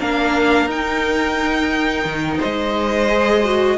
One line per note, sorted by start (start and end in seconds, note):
0.00 0.67 A#3
0.00 0.69 D4
0.00 2.38 A#4
0.00 0.70 F5
0.67 2.04 D#4
0.67 3.09 D#4
0.67 2.42 G5
2.05 2.39 D#3
2.38 3.76 C5
2.38 3.78 D#5
2.45 3.78 G#3
3.09 3.43 G#4
3.45 3.78 F#4